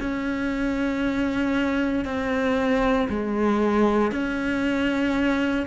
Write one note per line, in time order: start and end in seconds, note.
0.00 2.05 C#4
2.05 3.08 C4
3.09 4.11 G#3
4.11 5.67 C#4